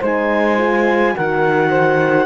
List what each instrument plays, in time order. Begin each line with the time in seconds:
0.00 cello G#3, horn D#4, saxophone C5, clarinet G#5
0.58 horn F4
1.15 cello D#3, horn F#4, saxophone A#4, clarinet F#5
1.70 saxophone C5